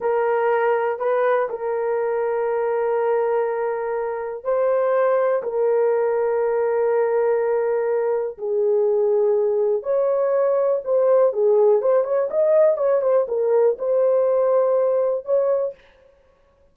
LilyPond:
\new Staff \with { instrumentName = "horn" } { \time 4/4 \tempo 4 = 122 ais'2 b'4 ais'4~ | ais'1~ | ais'4 c''2 ais'4~ | ais'1~ |
ais'4 gis'2. | cis''2 c''4 gis'4 | c''8 cis''8 dis''4 cis''8 c''8 ais'4 | c''2. cis''4 | }